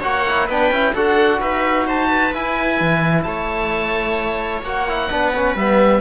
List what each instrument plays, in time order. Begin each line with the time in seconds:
0.00 cello A#3, trombone F#4, viola C#5, oboe F#5
0.27 trombone E4
0.46 cello B3, trombone D4, viola B4, oboe G5
0.70 cello C#4, trombone E4
0.93 cello D4, trombone F#4, viola A4, oboe F#5
1.40 cello D#4, viola B4, oboe E5
1.87 viola C5, oboe A5
2.07 viola B4
2.33 trombone E4, cello E4, oboe G#5
2.80 cello E3
3.23 cello A3, viola C#5, oboe A5
4.62 cello A#3, trombone F#4, oboe F#5
4.88 trombone E4
5.09 cello B3, trombone D4, viola B4
5.35 trombone C#4
5.55 cello G3, trombone B3, oboe E5